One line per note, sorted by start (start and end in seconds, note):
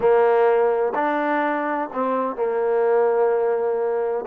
0.00 0.93 A#3
0.94 1.89 D4
1.93 2.36 C4
2.36 4.25 A#3